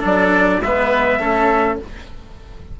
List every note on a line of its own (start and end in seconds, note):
0.00 0.61 F#3
0.00 0.59 D4
0.00 0.59 A4
0.00 0.62 D5
0.61 1.20 G#3
0.61 1.19 B3
0.61 1.20 B4
0.61 1.80 E5
1.19 1.79 A3
1.19 1.78 C#4
1.19 1.79 A4